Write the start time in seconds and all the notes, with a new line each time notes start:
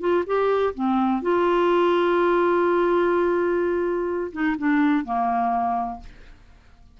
0.00 F4
0.26 G4
0.74 C4
1.22 F4
4.32 D#4
4.58 D4
5.05 A#3